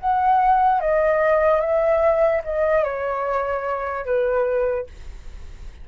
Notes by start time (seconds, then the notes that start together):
0.00 F#5
0.81 D#5
1.61 E5
2.45 D#5
2.85 C#5
4.06 B4